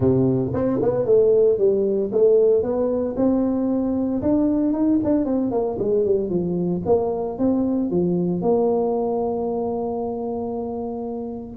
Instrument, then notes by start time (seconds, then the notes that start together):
tuba
0.00 C3
0.53 C4
0.82 B3
1.05 A3
1.58 G3
2.11 A3
2.62 B3
3.16 C4
4.22 D4
4.72 D#4
5.04 D4
5.25 C4
5.51 A#3
5.78 G#3
6.05 G3
6.29 F3
6.85 A#3
7.38 C4
7.90 F3
8.41 A#3